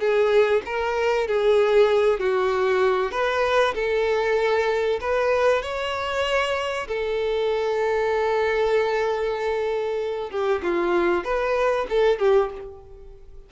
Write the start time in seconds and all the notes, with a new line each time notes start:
0.00 G#4
0.66 A#4
1.28 G#4
2.20 F#4
3.12 B4
3.75 A4
5.01 B4
5.62 C#5
6.88 A4
10.31 G4
10.63 F4
11.24 B4
11.89 A4
12.19 G4